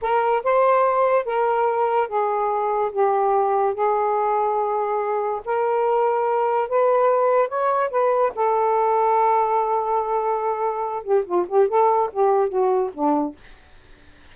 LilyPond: \new Staff \with { instrumentName = "saxophone" } { \time 4/4 \tempo 4 = 144 ais'4 c''2 ais'4~ | ais'4 gis'2 g'4~ | g'4 gis'2.~ | gis'4 ais'2. |
b'2 cis''4 b'4 | a'1~ | a'2~ a'8 g'8 f'8 g'8 | a'4 g'4 fis'4 d'4 | }